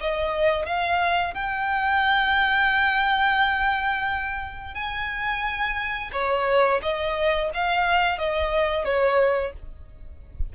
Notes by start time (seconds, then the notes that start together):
0.00 D#5
0.65 F5
1.34 G5
4.74 G#5
6.12 C#5
6.82 D#5
7.54 F5
8.18 D#5
8.85 C#5